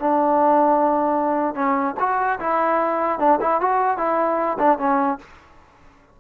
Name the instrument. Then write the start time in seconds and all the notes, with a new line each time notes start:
trombone
0.00 D4
1.55 C#4
2.00 F#4
2.40 E4
3.19 D4
3.41 E4
3.61 F#4
3.98 E4
4.59 D4
4.79 C#4